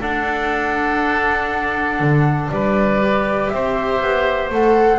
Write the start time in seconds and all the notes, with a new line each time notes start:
0.00 D4 A4 F#5
1.99 D3
2.50 G3 B4 D5
3.02 G4
3.49 C4 C5 E5
4.00 B3
4.50 A3 A4 F#5